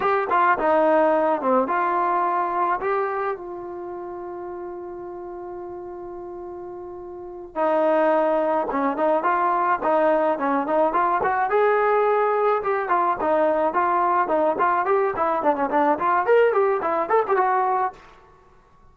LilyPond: \new Staff \with { instrumentName = "trombone" } { \time 4/4 \tempo 4 = 107 g'8 f'8 dis'4. c'8 f'4~ | f'4 g'4 f'2~ | f'1~ | f'4. dis'2 cis'8 |
dis'8 f'4 dis'4 cis'8 dis'8 f'8 | fis'8 gis'2 g'8 f'8 dis'8~ | dis'8 f'4 dis'8 f'8 g'8 e'8 d'16 cis'16 | d'8 f'8 ais'8 g'8 e'8 a'16 g'16 fis'4 | }